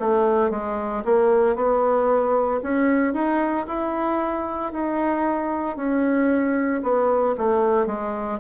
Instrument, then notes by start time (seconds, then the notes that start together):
bassoon
0.00 A3
0.51 G#3
1.05 A#3
1.56 B3
2.64 C#4
3.14 D#4
3.67 E4
4.73 D#4
5.77 C#4
6.83 B3
7.38 A3
7.87 G#3